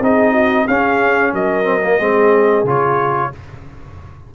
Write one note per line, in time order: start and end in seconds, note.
0.00 0.66 C4
0.00 0.68 D#4
0.00 0.31 G#4
0.00 0.67 D#5
0.31 0.64 F#4
0.67 1.33 C#4
0.67 1.63 C#4
0.67 1.33 G#4
0.67 1.33 F5
1.33 1.98 F#3
1.33 1.98 A#4
1.33 2.66 D#5
1.63 1.80 C4
1.83 1.99 A#3
1.98 2.63 G#3
1.98 2.65 C4
1.98 3.30 G#4
2.63 3.29 C#3
2.63 3.32 F4
2.63 3.34 C#5